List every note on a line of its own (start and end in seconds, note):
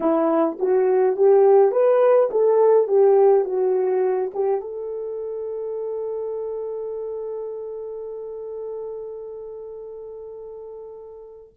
0.00 0.58 E4
0.59 1.16 F#4
1.16 1.72 G4
1.72 2.29 B4
2.31 2.87 A4
2.87 3.45 G4
3.45 4.31 F#4
4.34 4.60 G4
4.60 11.53 A4